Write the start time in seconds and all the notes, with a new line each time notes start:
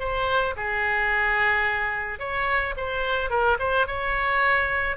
0.00 C5
0.57 G#4
2.20 C#5
2.77 C5
3.30 A#4
3.60 C5
3.87 C#5